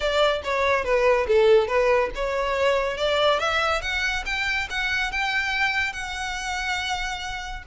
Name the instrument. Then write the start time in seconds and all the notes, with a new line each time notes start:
violin
0.00 D5
0.44 C#5
0.84 B4
1.27 A4
1.67 B4
2.15 C#5
2.97 D5
3.39 E5
3.81 F#5
4.25 G5
4.70 F#5
5.11 G5
5.92 F#5